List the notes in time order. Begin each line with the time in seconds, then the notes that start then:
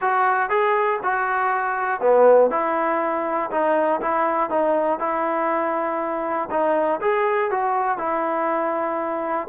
0.01 F#4
0.49 G#4
1.02 F#4
2.00 B3
2.50 E4
3.50 D#4
4.01 E4
4.50 D#4
4.99 E4
6.50 D#4
7.00 G#4
7.50 F#4
7.97 E4